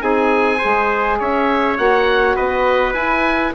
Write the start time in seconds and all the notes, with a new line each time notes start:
0.00 C4 D#4 G#4 G#5
0.59 G#4 C5
0.65 G#3
1.20 C#4 C#5 E5
1.77 A#3 F#4 F#5
2.36 B3 B4 D#5
2.94 E4 G#5